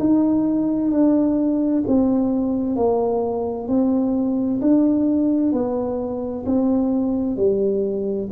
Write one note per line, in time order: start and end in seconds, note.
0.00 0.92 D#4
0.92 1.84 D4
1.88 2.77 C4
2.77 3.68 A#3
3.68 4.61 C4
4.62 5.53 D4
5.53 6.45 B3
6.47 7.37 C4
7.37 8.30 G3